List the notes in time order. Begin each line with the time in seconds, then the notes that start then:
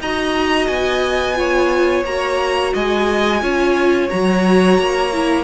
0.00 D#4 F#4 D#5 A#5
0.67 B3 G#5
1.35 F4 C#5
2.05 A#3 F#4 A#5
2.74 G#3 D#5 G#5
3.41 C#4 F4 C#5
4.10 F#3 F#4 A#5
4.79 A#3
5.13 E4